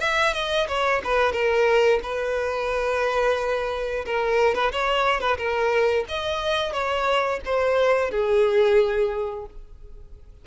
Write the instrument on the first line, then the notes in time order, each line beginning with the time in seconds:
violin
0.00 E5
0.34 D#5
0.68 C#5
1.04 B4
1.32 A#4
2.03 B4
4.06 A#4
4.55 B4
4.72 C#5
5.20 B4
5.37 A#4
6.09 D#5
6.73 C#5
7.45 C5
8.11 G#4